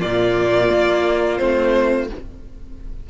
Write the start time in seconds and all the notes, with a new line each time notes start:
0.00 A#2 A#3 F4 D5
0.70 A#3
1.37 A3 C4 C5